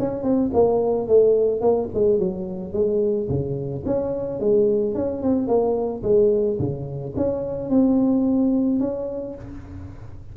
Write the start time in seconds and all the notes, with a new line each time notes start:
0.00 C#4
0.24 C4
0.54 A#3
1.08 A3
1.61 A#3
1.94 G#3
2.20 F#3
2.73 G#3
3.29 C#3
3.86 C#4
4.40 G#3
4.95 C#4
5.23 C4
5.48 A#3
6.04 G#3
6.60 C#3
7.17 C#4
7.70 C4
8.80 C#4